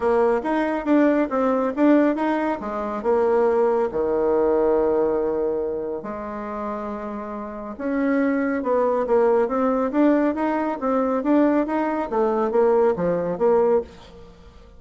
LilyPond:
\new Staff \with { instrumentName = "bassoon" } { \time 4/4 \tempo 4 = 139 ais4 dis'4 d'4 c'4 | d'4 dis'4 gis4 ais4~ | ais4 dis2.~ | dis2 gis2~ |
gis2 cis'2 | b4 ais4 c'4 d'4 | dis'4 c'4 d'4 dis'4 | a4 ais4 f4 ais4 | }